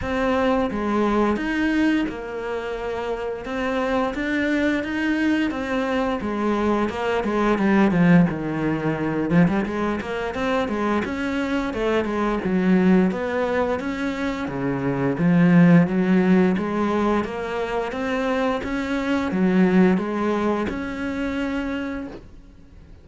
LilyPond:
\new Staff \with { instrumentName = "cello" } { \time 4/4 \tempo 4 = 87 c'4 gis4 dis'4 ais4~ | ais4 c'4 d'4 dis'4 | c'4 gis4 ais8 gis8 g8 f8 | dis4. f16 g16 gis8 ais8 c'8 gis8 |
cis'4 a8 gis8 fis4 b4 | cis'4 cis4 f4 fis4 | gis4 ais4 c'4 cis'4 | fis4 gis4 cis'2 | }